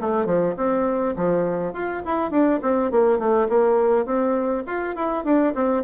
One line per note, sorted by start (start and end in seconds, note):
0.00 0.26 A3
0.26 0.55 F3
0.57 1.15 C4
1.16 1.73 F3
1.73 2.02 F4
2.05 2.31 E4
2.31 2.60 D4
2.62 2.91 C4
2.91 3.19 A#3
3.19 3.48 A3
3.48 4.05 A#3
4.05 4.64 C4
4.66 4.95 F4
4.96 5.24 E4
5.24 5.53 D4
5.55 5.83 C4